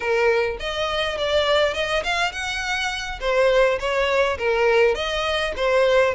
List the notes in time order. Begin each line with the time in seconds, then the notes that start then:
0.00 A#4
0.59 D#5
1.17 D5
1.74 D#5
2.03 F5
2.32 F#5
3.20 C5
3.79 C#5
4.38 A#4
4.95 D#5
5.56 C5